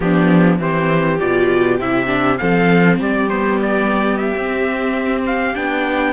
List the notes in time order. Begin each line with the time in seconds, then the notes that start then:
0.00 F3 B3 D4 G4
0.58 E3 C4 G4 C5
1.19 B2 F4 D5
1.79 C3 E4 E5
2.06 D4
2.38 F3 C4 A4 F5
2.99 G3 G4 D5
3.29 B3 C5
3.61 D5
4.17 E5
4.35 C4
5.26 F5
5.54 B3 D4 G5